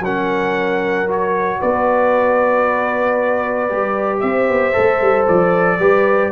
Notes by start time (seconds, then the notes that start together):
0.00 F#3 C#4 A#4 F#5
1.08 F#4 C#5
1.60 B3 B4 D5
3.70 G3 G4
4.20 C4 C5 E5
4.49 B3
4.73 A3 A4
5.02 G3
5.28 F3 D5
5.79 G3 G4 B4